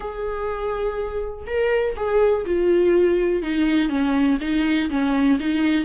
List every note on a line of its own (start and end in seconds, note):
0.00 1.45 G#4
1.46 1.95 A#4
1.96 2.45 G#4
2.45 3.42 F4
3.42 3.89 D#4
3.89 4.38 C#4
4.40 4.89 D#4
4.89 5.38 C#4
5.39 5.84 D#4